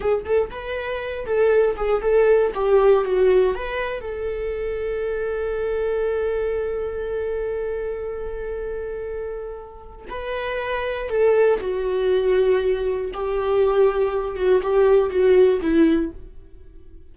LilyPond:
\new Staff \with { instrumentName = "viola" } { \time 4/4 \tempo 4 = 119 gis'8 a'8 b'4. a'4 gis'8 | a'4 g'4 fis'4 b'4 | a'1~ | a'1~ |
a'1 | b'2 a'4 fis'4~ | fis'2 g'2~ | g'8 fis'8 g'4 fis'4 e'4 | }